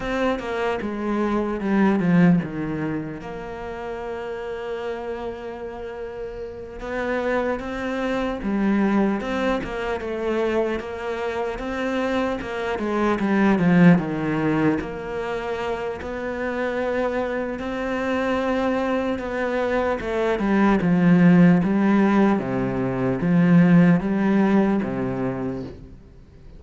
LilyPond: \new Staff \with { instrumentName = "cello" } { \time 4/4 \tempo 4 = 75 c'8 ais8 gis4 g8 f8 dis4 | ais1~ | ais8 b4 c'4 g4 c'8 | ais8 a4 ais4 c'4 ais8 |
gis8 g8 f8 dis4 ais4. | b2 c'2 | b4 a8 g8 f4 g4 | c4 f4 g4 c4 | }